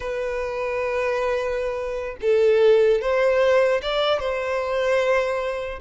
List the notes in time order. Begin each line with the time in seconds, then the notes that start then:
0.00 B4
2.21 A4
3.01 C5
3.82 D5
4.19 C5